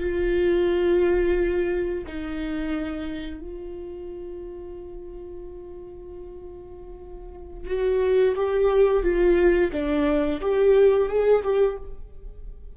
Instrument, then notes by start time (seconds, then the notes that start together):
viola
0.00 F4
2.07 D#4
3.41 F4
7.67 F#4
8.36 G4
9.03 F4
9.72 D4
10.41 G4
11.09 G#4
11.43 G4